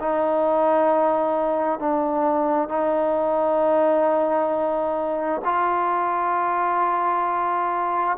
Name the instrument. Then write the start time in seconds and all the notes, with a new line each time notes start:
trombone
0.00 D#4
1.80 D4
2.69 D#4
5.45 F4